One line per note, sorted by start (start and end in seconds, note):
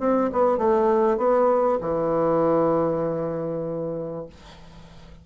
0.00 0.31 C4
0.32 0.58 B3
0.58 1.17 A3
1.17 1.79 B3
1.81 4.26 E3